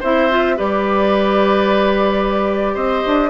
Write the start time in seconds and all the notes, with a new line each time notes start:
0.00 C4 E4 C5 E5
0.30 F4
0.56 G3 G4 B4 D5
2.74 C4 C5 D#5
3.06 D4